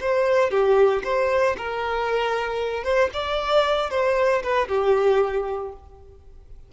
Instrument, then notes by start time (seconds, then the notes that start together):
violin
0.00 C5
0.50 G4
1.04 C5
1.57 A#4
2.83 C5
3.13 D5
3.90 C5
4.43 B4
4.68 G4